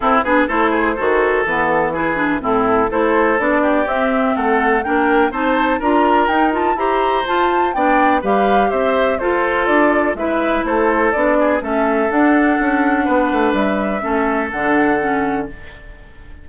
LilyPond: <<
  \new Staff \with { instrumentName = "flute" } { \time 4/4 \tempo 4 = 124 a'8 b'8 c''2 b'8 a'8 | b'4 a'4 c''4 d''4 | e''4 fis''4 g''4 a''4 | ais''4 g''8 a''8 ais''4 a''4 |
g''4 f''4 e''4 c''4 | d''4 e''4 c''4 d''4 | e''4 fis''2. | e''2 fis''2 | }
  \new Staff \with { instrumentName = "oboe" } { \time 4/4 e'8 gis'8 a'8 gis'8 a'2 | gis'4 e'4 a'4. g'8~ | g'4 a'4 ais'4 c''4 | ais'2 c''2 |
d''4 b'4 c''4 a'4~ | a'4 b'4 a'4. gis'8 | a'2. b'4~ | b'4 a'2. | }
  \new Staff \with { instrumentName = "clarinet" } { \time 4/4 c'8 d'8 e'4 fis'4 b4 | e'8 d'8 c'4 e'4 d'4 | c'2 d'4 dis'4 | f'4 dis'8 f'8 g'4 f'4 |
d'4 g'2 f'4~ | f'4 e'2 d'4 | cis'4 d'2.~ | d'4 cis'4 d'4 cis'4 | }
  \new Staff \with { instrumentName = "bassoon" } { \time 4/4 c'8 b8 a4 dis4 e4~ | e4 a,4 a4 b4 | c'4 a4 ais4 c'4 | d'4 dis'4 e'4 f'4 |
b4 g4 c'4 f'4 | d'4 gis4 a4 b4 | a4 d'4 cis'4 b8 a8 | g4 a4 d2 | }
>>